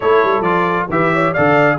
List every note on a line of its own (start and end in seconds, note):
0.00 0.23 A3
0.00 0.44 E4
0.00 0.89 A4
0.00 0.42 C#5
0.23 0.41 G3
0.41 0.85 F3
0.41 0.88 F4
0.41 0.86 D5
0.89 1.34 E3
0.89 1.36 G4
0.89 1.13 B4
0.89 1.33 E5
1.13 1.33 C#5
1.33 1.78 D3
1.33 1.78 A4
1.33 1.78 D5
1.33 1.78 F5